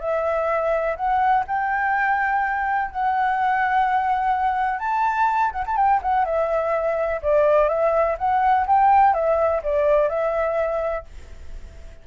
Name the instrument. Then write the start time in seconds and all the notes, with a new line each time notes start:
flute
0.00 E5
0.96 F#5
1.47 G5
2.91 F#5
4.79 A5
5.52 F#5
5.66 A5
5.76 G5
6.02 F#5
6.25 E5
7.22 D5
7.69 E5
8.18 F#5
8.67 G5
9.14 E5
9.63 D5
10.09 E5